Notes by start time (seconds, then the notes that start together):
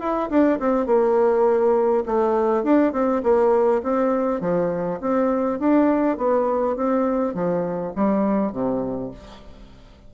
0.00 E4
0.30 D4
0.59 C4
0.86 A#3
2.06 A3
2.63 D4
2.93 C4
3.23 A#3
3.83 C4
4.41 F3
5.01 C4
5.59 D4
6.17 B3
6.76 C4
7.34 F3
7.96 G3
8.52 C3